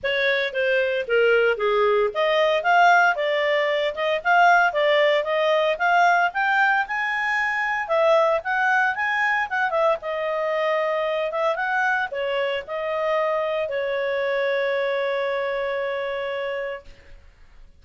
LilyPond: \new Staff \with { instrumentName = "clarinet" } { \time 4/4 \tempo 4 = 114 cis''4 c''4 ais'4 gis'4 | dis''4 f''4 d''4. dis''8 | f''4 d''4 dis''4 f''4 | g''4 gis''2 e''4 |
fis''4 gis''4 fis''8 e''8 dis''4~ | dis''4. e''8 fis''4 cis''4 | dis''2 cis''2~ | cis''1 | }